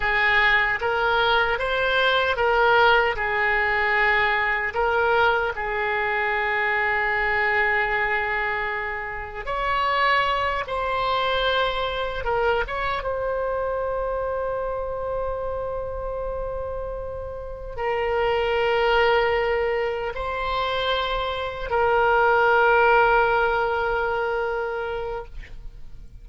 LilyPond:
\new Staff \with { instrumentName = "oboe" } { \time 4/4 \tempo 4 = 76 gis'4 ais'4 c''4 ais'4 | gis'2 ais'4 gis'4~ | gis'1 | cis''4. c''2 ais'8 |
cis''8 c''2.~ c''8~ | c''2~ c''8 ais'4.~ | ais'4. c''2 ais'8~ | ais'1 | }